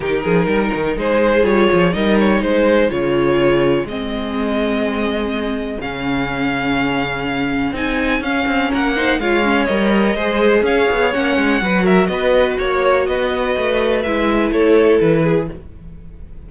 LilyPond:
<<
  \new Staff \with { instrumentName = "violin" } { \time 4/4 \tempo 4 = 124 ais'2 c''4 cis''4 | dis''8 cis''8 c''4 cis''2 | dis''1 | f''1 |
gis''4 f''4 fis''4 f''4 | dis''2 f''4 fis''4~ | fis''8 e''8 dis''4 cis''4 dis''4~ | dis''4 e''4 cis''4 b'4 | }
  \new Staff \with { instrumentName = "violin" } { \time 4/4 g'8 gis'8 ais'4 gis'2 | ais'4 gis'2.~ | gis'1~ | gis'1~ |
gis'2 ais'8 c''8 cis''4~ | cis''4 c''4 cis''2 | b'8 ais'8 b'4 cis''4 b'4~ | b'2 a'4. gis'8 | }
  \new Staff \with { instrumentName = "viola" } { \time 4/4 dis'2. f'4 | dis'2 f'2 | c'1 | cis'1 |
dis'4 cis'4. dis'8 f'8 cis'8 | ais'4 gis'2 cis'4 | fis'1~ | fis'4 e'2. | }
  \new Staff \with { instrumentName = "cello" } { \time 4/4 dis8 f8 g8 dis8 gis4 g8 f8 | g4 gis4 cis2 | gis1 | cis1 |
c'4 cis'8 c'8 ais4 gis4 | g4 gis4 cis'8 b8 ais8 gis8 | fis4 b4 ais4 b4 | a4 gis4 a4 e4 | }
>>